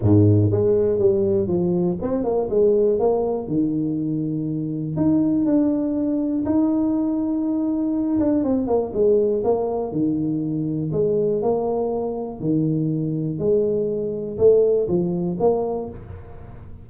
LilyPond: \new Staff \with { instrumentName = "tuba" } { \time 4/4 \tempo 4 = 121 gis,4 gis4 g4 f4 | c'8 ais8 gis4 ais4 dis4~ | dis2 dis'4 d'4~ | d'4 dis'2.~ |
dis'8 d'8 c'8 ais8 gis4 ais4 | dis2 gis4 ais4~ | ais4 dis2 gis4~ | gis4 a4 f4 ais4 | }